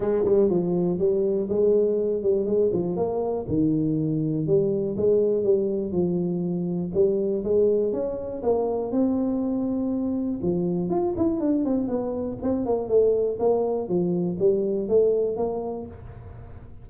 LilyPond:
\new Staff \with { instrumentName = "tuba" } { \time 4/4 \tempo 4 = 121 gis8 g8 f4 g4 gis4~ | gis8 g8 gis8 f8 ais4 dis4~ | dis4 g4 gis4 g4 | f2 g4 gis4 |
cis'4 ais4 c'2~ | c'4 f4 f'8 e'8 d'8 c'8 | b4 c'8 ais8 a4 ais4 | f4 g4 a4 ais4 | }